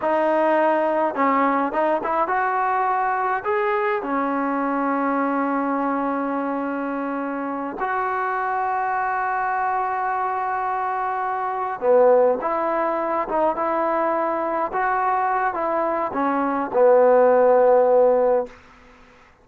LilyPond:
\new Staff \with { instrumentName = "trombone" } { \time 4/4 \tempo 4 = 104 dis'2 cis'4 dis'8 e'8 | fis'2 gis'4 cis'4~ | cis'1~ | cis'4. fis'2~ fis'8~ |
fis'1~ | fis'8 b4 e'4. dis'8 e'8~ | e'4. fis'4. e'4 | cis'4 b2. | }